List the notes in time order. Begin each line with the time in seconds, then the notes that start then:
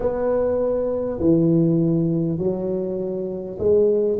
0.00 B3
1.19 E3
2.38 F#3
3.58 G#3